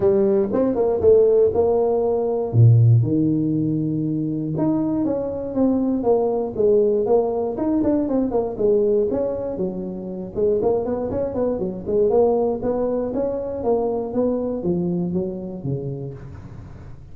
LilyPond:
\new Staff \with { instrumentName = "tuba" } { \time 4/4 \tempo 4 = 119 g4 c'8 ais8 a4 ais4~ | ais4 ais,4 dis2~ | dis4 dis'4 cis'4 c'4 | ais4 gis4 ais4 dis'8 d'8 |
c'8 ais8 gis4 cis'4 fis4~ | fis8 gis8 ais8 b8 cis'8 b8 fis8 gis8 | ais4 b4 cis'4 ais4 | b4 f4 fis4 cis4 | }